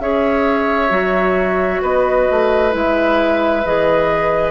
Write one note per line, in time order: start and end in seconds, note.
0.00 0.91 C#4
0.00 0.90 G#4
0.00 1.82 C#5
0.00 1.82 E5
0.90 1.82 F#3
0.90 2.71 F#4
1.82 2.28 B3
1.82 4.52 B4
1.82 2.74 D#5
2.30 2.74 A3
2.71 3.65 G#3
2.71 3.62 E4
2.71 3.66 E5
3.65 4.52 E3
3.65 4.52 G#4
3.65 4.52 D#5